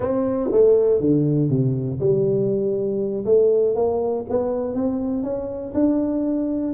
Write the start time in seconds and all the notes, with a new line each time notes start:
0.00 C4
0.51 A3
1.00 D3
1.49 C3
2.00 G3
3.25 A3
3.75 A#3
4.29 B3
4.74 C4
5.23 C#4
5.74 D4